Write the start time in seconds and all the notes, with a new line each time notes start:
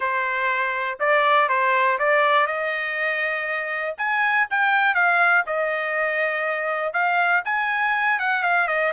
0.00 C5
0.99 D5
1.49 C5
1.98 D5
2.46 D#5
3.97 G#5
4.50 G5
4.94 F5
5.46 D#5
6.93 F5
7.44 G#5
8.19 F#5
8.43 F5
8.67 D#5